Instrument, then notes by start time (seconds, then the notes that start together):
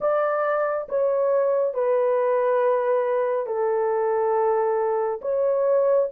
horn
0.00 D5
0.89 C#5
1.74 B4
3.46 A4
5.21 C#5